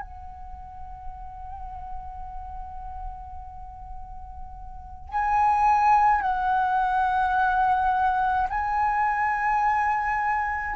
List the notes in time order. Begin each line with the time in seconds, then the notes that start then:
0.00 F#5
5.09 G#5
6.21 F#5
8.49 G#5